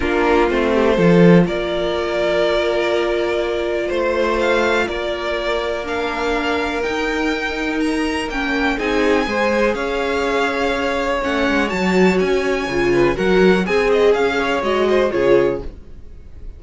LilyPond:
<<
  \new Staff \with { instrumentName = "violin" } { \time 4/4 \tempo 4 = 123 ais'4 c''2 d''4~ | d''1 | c''4 f''4 d''2 | f''2 g''2 |
ais''4 g''4 gis''2 | f''2. fis''4 | a''4 gis''2 fis''4 | gis''8 dis''8 f''4 dis''4 cis''4 | }
  \new Staff \with { instrumentName = "violin" } { \time 4/4 f'4. g'8 a'4 ais'4~ | ais'1 | c''2 ais'2~ | ais'1~ |
ais'2 gis'4 c''4 | cis''1~ | cis''2~ cis''8 b'8 ais'4 | gis'4. cis''4 c''8 gis'4 | }
  \new Staff \with { instrumentName = "viola" } { \time 4/4 d'4 c'4 f'2~ | f'1~ | f'1 | d'2 dis'2~ |
dis'4 cis'4 dis'4 gis'4~ | gis'2. cis'4 | fis'2 f'4 fis'4 | gis'2 fis'4 f'4 | }
  \new Staff \with { instrumentName = "cello" } { \time 4/4 ais4 a4 f4 ais4~ | ais1 | a2 ais2~ | ais2 dis'2~ |
dis'4 ais4 c'4 gis4 | cis'2. a8 gis8 | fis4 cis'4 cis4 fis4 | c'4 cis'4 gis4 cis4 | }
>>